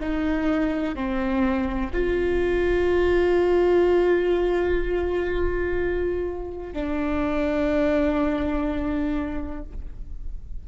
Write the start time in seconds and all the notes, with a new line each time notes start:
0.00 D#4
0.95 C4
1.93 F4
6.73 D4